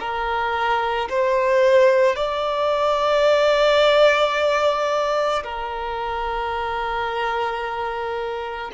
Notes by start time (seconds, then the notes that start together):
0.00 A#4
1.10 C5
2.16 D5
5.44 A#4